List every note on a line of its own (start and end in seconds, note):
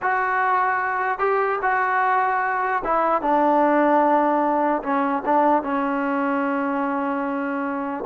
0.01 1.19 F#4
1.19 1.59 G4
1.62 2.83 F#4
2.84 3.21 E4
3.21 4.82 D4
4.82 5.23 C#4
5.25 5.62 D4
5.62 8.04 C#4